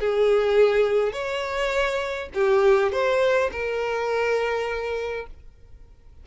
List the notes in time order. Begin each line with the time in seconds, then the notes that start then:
0.00 G#4
1.13 C#5
2.34 G4
2.92 C5
3.52 A#4